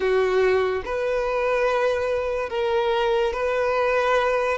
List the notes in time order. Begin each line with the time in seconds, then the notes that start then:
0.00 F#4
0.84 B4
2.49 A#4
3.33 B4